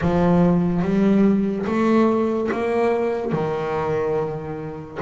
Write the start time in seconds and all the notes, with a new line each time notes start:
0.01 F3
0.82 G3
1.66 A3
2.51 A#3
3.32 D#3